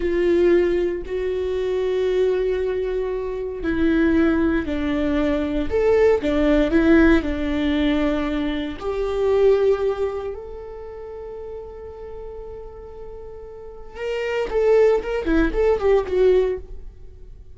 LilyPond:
\new Staff \with { instrumentName = "viola" } { \time 4/4 \tempo 4 = 116 f'2 fis'2~ | fis'2. e'4~ | e'4 d'2 a'4 | d'4 e'4 d'2~ |
d'4 g'2. | a'1~ | a'2. ais'4 | a'4 ais'8 e'8 a'8 g'8 fis'4 | }